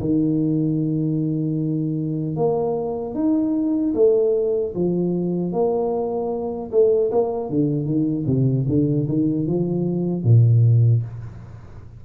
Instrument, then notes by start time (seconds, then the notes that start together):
tuba
0.00 D#3
2.36 A#3
3.15 D#4
3.95 A3
4.75 F3
5.53 A#3
6.72 A3
7.12 A#3
7.50 D3
7.86 D#3
8.27 C3
8.69 D3
9.09 D#3
9.47 F3
10.24 A#2